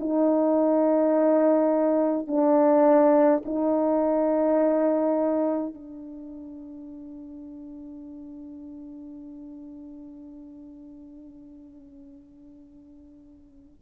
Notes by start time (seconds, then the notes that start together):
0.00 D#4
2.28 D4
3.46 D#4
5.75 D4